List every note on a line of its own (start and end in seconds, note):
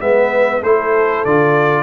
0.00 0.62 G#3
0.00 0.62 B3
0.00 0.63 B4
0.00 0.63 E5
0.62 1.24 A3
0.62 1.26 E4
0.62 1.83 A4
0.62 1.25 C5
1.25 1.83 D3
1.25 1.83 F4
1.25 1.83 D5